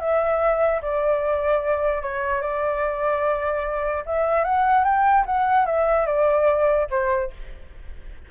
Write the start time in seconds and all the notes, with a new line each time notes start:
0.00 E5
0.82 D5
2.02 C#5
2.42 D5
4.06 E5
4.44 F#5
4.84 G5
5.26 F#5
5.66 E5
6.06 D5
6.90 C5